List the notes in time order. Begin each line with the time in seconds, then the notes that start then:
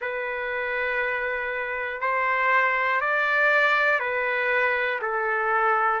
0.00 B4
2.00 C5
3.00 D5
3.99 B4
5.01 A4